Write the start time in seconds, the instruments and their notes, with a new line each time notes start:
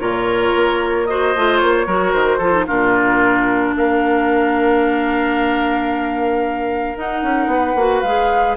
0.00 bassoon A#2, clarinet F4, oboe A#4, flute C#5
0.55 bassoon A#3
1.05 clarinet F#4, oboe C5, flute D#5
1.35 bassoon A3, clarinet F4
1.58 bassoon A#3, flute C#5
1.86 bassoon F#3, clarinet F#4, oboe A#4
2.12 bassoon D#3, flute C5
2.38 bassoon F3, clarinet F4, oboe A4
2.52 clarinet D#4
2.67 bassoon A#2, clarinet D4, oboe F4, flute A#4
3.75 bassoon A#3, oboe A#4, flute F5
6.96 bassoon D#4, clarinet D#4, flute F#5
7.22 bassoon C#4
7.46 bassoon B3, oboe B4
7.75 bassoon A#3, clarinet F#4
8.01 bassoon G#3, clarinet G#4, flute F5